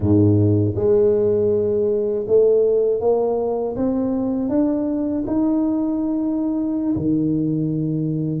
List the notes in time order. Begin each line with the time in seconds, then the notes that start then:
0.00 G#2
0.75 G#3
2.27 A3
3.00 A#3
3.76 C4
4.49 D4
5.26 D#4
6.95 D#3